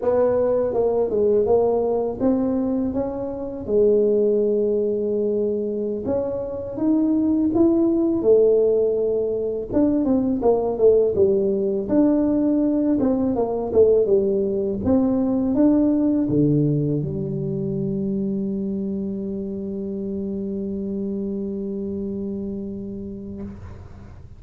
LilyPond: \new Staff \with { instrumentName = "tuba" } { \time 4/4 \tempo 4 = 82 b4 ais8 gis8 ais4 c'4 | cis'4 gis2.~ | gis16 cis'4 dis'4 e'4 a8.~ | a4~ a16 d'8 c'8 ais8 a8 g8.~ |
g16 d'4. c'8 ais8 a8 g8.~ | g16 c'4 d'4 d4 g8.~ | g1~ | g1 | }